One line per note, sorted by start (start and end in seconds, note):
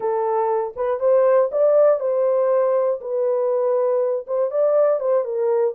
0.00 0.74 A4
0.75 1.00 B4
1.00 1.50 C5
1.51 2.00 D5
2.00 3.00 C5
3.00 4.25 B4
4.26 4.50 C5
4.50 5.00 D5
5.00 5.24 C5
5.24 5.74 A#4